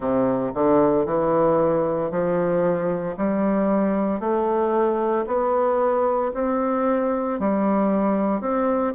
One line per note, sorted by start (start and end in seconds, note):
0.00 0.52 C3
0.54 1.05 D3
1.05 2.11 E3
2.11 3.16 F3
3.17 4.20 G3
4.20 5.25 A3
5.26 6.32 B3
6.34 7.39 C4
7.39 8.41 G3
8.41 8.93 C4